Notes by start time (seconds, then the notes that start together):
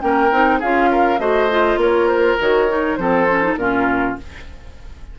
0.00 A#3 C#4 A#4 G5
0.31 C4 D#4
0.59 C#4 F4 G#4 F5
0.91 A#4
1.19 A3 F#4 C5 D#5
1.50 F4
1.76 A#3 A#4 C#5
2.08 C5
2.40 D#3 F#4 C#5
2.68 D#4
2.96 F3 C4 A4 C5
3.29 C#4
3.43 D#4
3.56 A#2 C#4 F4 A#4